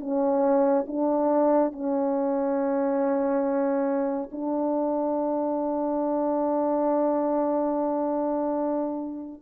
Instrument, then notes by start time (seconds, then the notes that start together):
horn
0.00 C#4
0.87 D4
1.73 C#4
4.32 D4